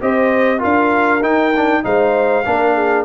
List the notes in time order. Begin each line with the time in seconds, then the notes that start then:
0.00 C4 G4 C5 D#5
0.58 D4 F4 A#4 F5
1.21 D#4 G5
1.56 D4
1.83 G#3 D#4 C5 F5
2.45 A#3 D4 A#4
2.74 G#4